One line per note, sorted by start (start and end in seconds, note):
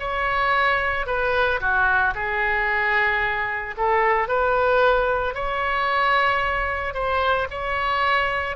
0.00 1.07 C#5
1.07 1.60 B4
1.61 2.14 F#4
2.15 3.75 G#4
3.78 4.28 A4
4.28 5.35 B4
5.35 6.94 C#5
6.94 7.48 C5
7.50 8.57 C#5